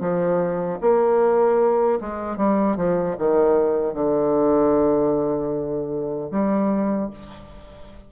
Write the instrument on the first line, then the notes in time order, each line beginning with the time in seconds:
bassoon
0.00 F3
0.81 A#3
2.01 G#3
2.37 G3
2.77 F3
3.18 D#3
3.94 D3
6.31 G3